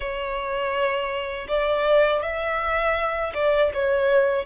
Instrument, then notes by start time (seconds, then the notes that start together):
violin
0.00 C#5
1.48 D5
2.22 E5
3.34 D5
3.74 C#5